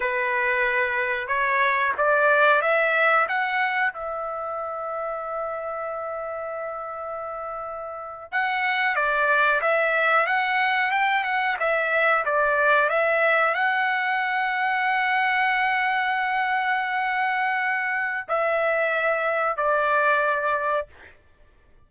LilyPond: \new Staff \with { instrumentName = "trumpet" } { \time 4/4 \tempo 4 = 92 b'2 cis''4 d''4 | e''4 fis''4 e''2~ | e''1~ | e''8. fis''4 d''4 e''4 fis''16~ |
fis''8. g''8 fis''8 e''4 d''4 e''16~ | e''8. fis''2.~ fis''16~ | fis''1 | e''2 d''2 | }